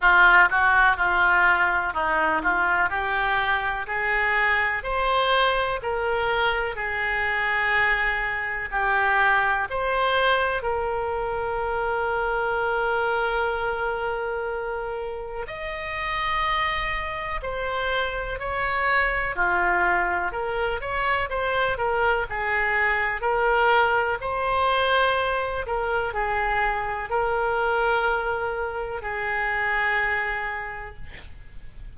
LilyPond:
\new Staff \with { instrumentName = "oboe" } { \time 4/4 \tempo 4 = 62 f'8 fis'8 f'4 dis'8 f'8 g'4 | gis'4 c''4 ais'4 gis'4~ | gis'4 g'4 c''4 ais'4~ | ais'1 |
dis''2 c''4 cis''4 | f'4 ais'8 cis''8 c''8 ais'8 gis'4 | ais'4 c''4. ais'8 gis'4 | ais'2 gis'2 | }